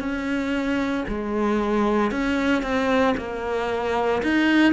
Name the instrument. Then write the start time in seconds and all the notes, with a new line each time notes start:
cello
0.00 C#4
1.08 G#3
2.11 C#4
2.62 C4
3.17 A#3
4.23 D#4